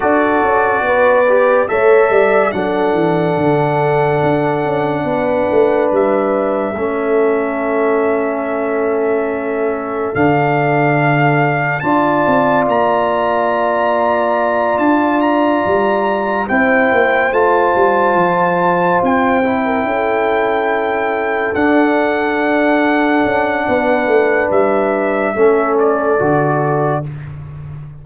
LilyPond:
<<
  \new Staff \with { instrumentName = "trumpet" } { \time 4/4 \tempo 4 = 71 d''2 e''4 fis''4~ | fis''2. e''4~ | e''1 | f''2 a''4 ais''4~ |
ais''4. a''8 ais''4. g''8~ | g''8 a''2 g''4.~ | g''4. fis''2~ fis''8~ | fis''4 e''4. d''4. | }
  \new Staff \with { instrumentName = "horn" } { \time 4/4 a'4 b'4 cis''8 d''8 a'4~ | a'2 b'2 | a'1~ | a'2 d''2~ |
d''2.~ d''8 c''8~ | c''2.~ c''16 ais'16 a'8~ | a'1 | b'2 a'2 | }
  \new Staff \with { instrumentName = "trombone" } { \time 4/4 fis'4. g'8 a'4 d'4~ | d'1 | cis'1 | d'2 f'2~ |
f'2.~ f'8 e'8~ | e'8 f'2~ f'8 e'4~ | e'4. d'2~ d'8~ | d'2 cis'4 fis'4 | }
  \new Staff \with { instrumentName = "tuba" } { \time 4/4 d'8 cis'8 b4 a8 g8 fis8 e8 | d4 d'8 cis'8 b8 a8 g4 | a1 | d2 d'8 c'8 ais4~ |
ais4. d'4 g4 c'8 | ais8 a8 g8 f4 c'4 cis'8~ | cis'4. d'2 cis'8 | b8 a8 g4 a4 d4 | }
>>